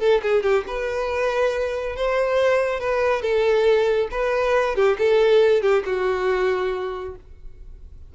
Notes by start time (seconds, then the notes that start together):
0.00 A4
0.23 G#4
0.43 G4
0.68 B4
1.96 C5
2.81 B4
3.22 A4
4.12 B4
4.76 G4
4.99 A4
5.62 G4
5.86 F#4